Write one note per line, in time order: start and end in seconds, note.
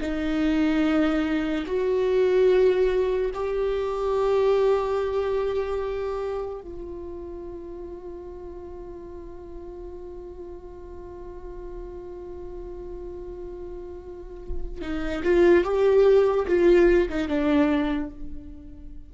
0.00 1.64 D#4
1.66 3.31 F#4
3.33 6.60 G4
6.60 14.81 F4
14.81 15.22 D#4
15.23 15.64 F4
15.64 16.46 G4
16.47 17.08 F4
17.09 17.28 D#4
17.28 18.10 D4